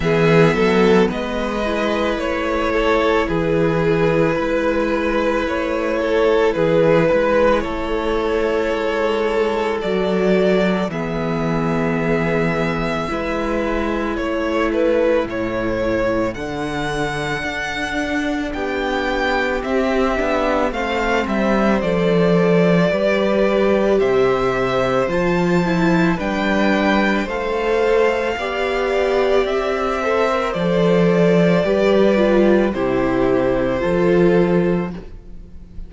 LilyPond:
<<
  \new Staff \with { instrumentName = "violin" } { \time 4/4 \tempo 4 = 55 e''4 dis''4 cis''4 b'4~ | b'4 cis''4 b'4 cis''4~ | cis''4 d''4 e''2~ | e''4 cis''8 b'8 cis''4 fis''4~ |
fis''4 g''4 e''4 f''8 e''8 | d''2 e''4 a''4 | g''4 f''2 e''4 | d''2 c''2 | }
  \new Staff \with { instrumentName = "violin" } { \time 4/4 gis'8 a'8 b'4. a'8 gis'4 | b'4. a'8 gis'8 b'8 a'4~ | a'2 gis'2 | b'4 a'2.~ |
a'4 g'2 c''4~ | c''4 b'4 c''2 | b'4 c''4 d''4. c''8~ | c''4 b'4 g'4 a'4 | }
  \new Staff \with { instrumentName = "viola" } { \time 4/4 b4. e'2~ e'8~ | e'1~ | e'4 fis'4 b2 | e'2. d'4~ |
d'2 c'8 d'8 c'4 | a'4 g'2 f'8 e'8 | d'4 a'4 g'4. a'16 ais'16 | a'4 g'8 f'8 e'4 f'4 | }
  \new Staff \with { instrumentName = "cello" } { \time 4/4 e8 fis8 gis4 a4 e4 | gis4 a4 e8 gis8 a4 | gis4 fis4 e2 | gis4 a4 a,4 d4 |
d'4 b4 c'8 b8 a8 g8 | f4 g4 c4 f4 | g4 a4 b4 c'4 | f4 g4 c4 f4 | }
>>